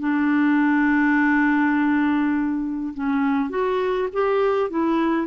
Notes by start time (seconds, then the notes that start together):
0.00 D4
2.95 C#4
3.50 F#4
4.13 G4
4.70 E4